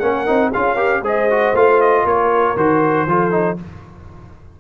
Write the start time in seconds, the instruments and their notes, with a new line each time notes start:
0.00 tuba A#3, trombone C#4, horn A#4, trumpet F#5
0.27 tuba C4, trombone D#4
0.54 tuba C#4, trombone F4, horn G#4, trumpet F5
0.75 trombone G4, horn A#4
1.02 tuba G#3, trombone G#4, horn C5, trumpet D#5
1.31 trombone F#4
1.54 tuba A3, trombone F4, trumpet F5
1.82 trumpet D#5
2.05 tuba A#3, horn A#4, trumpet C#5
2.57 tuba D#3, trombone F#4, trumpet C5
3.07 tuba F3, trombone F4, horn A4
3.31 trombone D#4